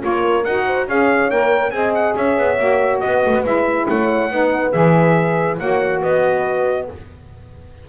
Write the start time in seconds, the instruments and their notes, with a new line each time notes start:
0.00 double bass A#3, saxophone F4, horn A#4, trumpet C#5
0.45 double bass D#4, saxophone F#4, trumpet F#5
0.66 horn C5
0.88 double bass C#4, saxophone G#4, horn C#5, trumpet F5
1.31 double bass A#3, saxophone A#4, trumpet G5
1.71 double bass C4, saxophone G#4, horn D#5, trumpet G#5
1.95 trumpet F#5
2.16 double bass C#4, horn C#5, trumpet E5
2.38 double bass B3
2.58 double bass A#3, saxophone F#4
3.00 double bass B3, horn B4, trumpet D#5
3.26 double bass A3
3.35 double bass B3
3.44 double bass G#3, saxophone E4, trumpet E5
3.90 double bass A3, horn C#5, trumpet F#5
4.31 double bass B3, saxophone D#4, horn B4
4.72 double bass E3, saxophone G#4, trumpet E5
5.59 double bass A#3, saxophone F#4, horn C#5, trumpet F#5
6.01 double bass B3, horn B4, trumpet D#5